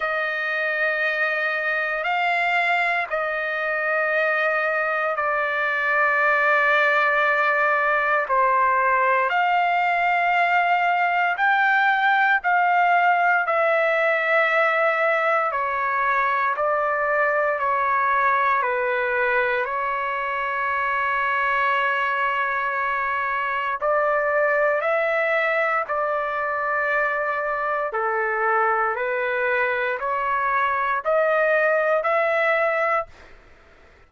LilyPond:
\new Staff \with { instrumentName = "trumpet" } { \time 4/4 \tempo 4 = 58 dis''2 f''4 dis''4~ | dis''4 d''2. | c''4 f''2 g''4 | f''4 e''2 cis''4 |
d''4 cis''4 b'4 cis''4~ | cis''2. d''4 | e''4 d''2 a'4 | b'4 cis''4 dis''4 e''4 | }